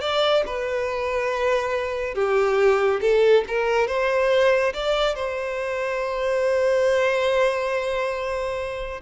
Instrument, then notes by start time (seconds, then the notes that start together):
violin
0.00 D5
0.46 B4
2.14 G4
3.01 A4
3.48 A#4
3.87 C5
4.73 D5
5.15 C5